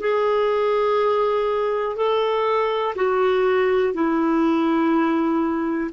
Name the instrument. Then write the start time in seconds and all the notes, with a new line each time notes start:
clarinet
0.00 G#4
1.96 A4
2.96 F#4
3.94 E4